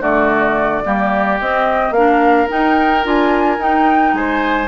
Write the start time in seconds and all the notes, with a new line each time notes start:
0.00 D3 A3 F#4 D5
0.84 G3 A#3 G4
1.40 C4 D#5
1.90 A#3 D4 A#4 F5
2.47 D#4 G5
3.04 D4 F4 G#5
3.58 D#4 G5
4.13 G#3 C5 G#5